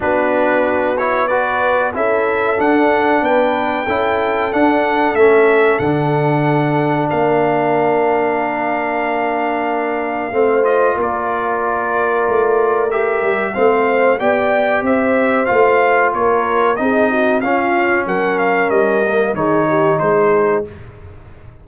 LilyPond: <<
  \new Staff \with { instrumentName = "trumpet" } { \time 4/4 \tempo 4 = 93 b'4. cis''8 d''4 e''4 | fis''4 g''2 fis''4 | e''4 fis''2 f''4~ | f''1~ |
f''8 dis''8 d''2. | e''4 f''4 g''4 e''4 | f''4 cis''4 dis''4 f''4 | fis''8 f''8 dis''4 cis''4 c''4 | }
  \new Staff \with { instrumentName = "horn" } { \time 4/4 fis'2 b'4 a'4~ | a'4 b'4 a'2~ | a'2. ais'4~ | ais'1 |
c''4 ais'2.~ | ais'4 c''4 d''4 c''4~ | c''4 ais'4 gis'8 fis'8 f'4 | ais'2 gis'8 g'8 gis'4 | }
  \new Staff \with { instrumentName = "trombone" } { \time 4/4 d'4. e'8 fis'4 e'4 | d'2 e'4 d'4 | cis'4 d'2.~ | d'1 |
c'8 f'2.~ f'8 | g'4 c'4 g'2 | f'2 dis'4 cis'4~ | cis'4. ais8 dis'2 | }
  \new Staff \with { instrumentName = "tuba" } { \time 4/4 b2. cis'4 | d'4 b4 cis'4 d'4 | a4 d2 ais4~ | ais1 |
a4 ais2 a4~ | a8 g8 a4 b4 c'4 | a4 ais4 c'4 cis'4 | fis4 g4 dis4 gis4 | }
>>